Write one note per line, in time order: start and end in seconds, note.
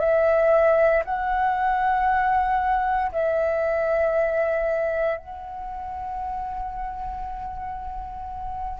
0.00 1.03 E5
1.05 3.12 F#5
3.13 5.18 E5
5.18 8.80 F#5